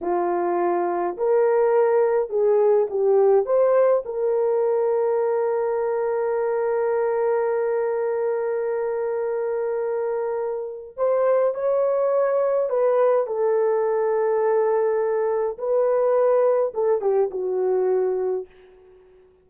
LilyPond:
\new Staff \with { instrumentName = "horn" } { \time 4/4 \tempo 4 = 104 f'2 ais'2 | gis'4 g'4 c''4 ais'4~ | ais'1~ | ais'1~ |
ais'2. c''4 | cis''2 b'4 a'4~ | a'2. b'4~ | b'4 a'8 g'8 fis'2 | }